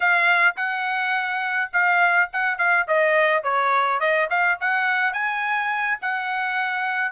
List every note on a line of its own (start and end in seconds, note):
0.00 0.55 F5
0.56 1.70 F#5
1.72 2.29 F5
2.32 2.58 F#5
2.58 2.86 F5
2.87 3.43 D#5
3.43 3.99 C#5
3.99 4.28 D#5
4.30 4.58 F5
4.60 5.13 F#5
5.13 5.98 G#5
6.01 7.11 F#5